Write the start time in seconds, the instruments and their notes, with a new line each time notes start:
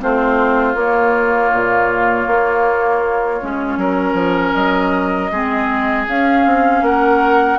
0.00 bassoon A3, clarinet C4, oboe F4, flute C5
0.74 bassoon A#3, clarinet A#3, flute C#5
1.53 bassoon A#2
2.27 bassoon A#3
3.41 bassoon G#3, clarinet C#4
3.76 bassoon F#3, oboe A#4
4.13 bassoon F3
4.53 bassoon F#3, flute D#5
5.31 bassoon G#3, clarinet C4, oboe G#4
6.08 clarinet C#4, bassoon C#4, flute F5
6.45 bassoon C4
6.81 bassoon A#3, oboe A#4, flute F#5